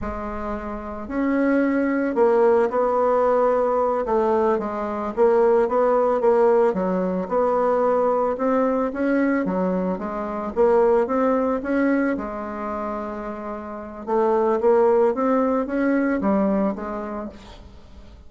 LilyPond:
\new Staff \with { instrumentName = "bassoon" } { \time 4/4 \tempo 4 = 111 gis2 cis'2 | ais4 b2~ b8 a8~ | a8 gis4 ais4 b4 ais8~ | ais8 fis4 b2 c'8~ |
c'8 cis'4 fis4 gis4 ais8~ | ais8 c'4 cis'4 gis4.~ | gis2 a4 ais4 | c'4 cis'4 g4 gis4 | }